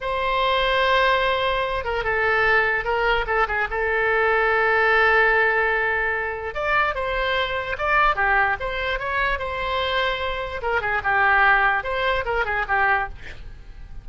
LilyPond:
\new Staff \with { instrumentName = "oboe" } { \time 4/4 \tempo 4 = 147 c''1~ | c''8 ais'8 a'2 ais'4 | a'8 gis'8 a'2.~ | a'1 |
d''4 c''2 d''4 | g'4 c''4 cis''4 c''4~ | c''2 ais'8 gis'8 g'4~ | g'4 c''4 ais'8 gis'8 g'4 | }